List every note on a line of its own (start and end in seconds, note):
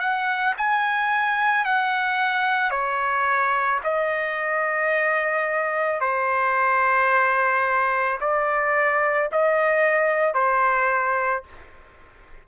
0.00 0.55 F#5
0.58 1.65 G#5
1.65 2.71 F#5
2.71 3.80 C#5
3.84 6.01 D#5
6.01 8.19 C5
8.21 9.30 D5
9.32 10.34 D#5
10.34 11.43 C5